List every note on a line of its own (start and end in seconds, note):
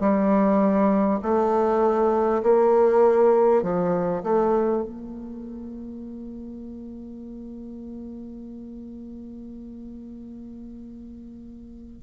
0.00 1.20 G3
1.23 2.43 A3
2.43 3.63 A#3
3.63 4.23 F3
4.24 4.83 A3
4.83 12.03 A#3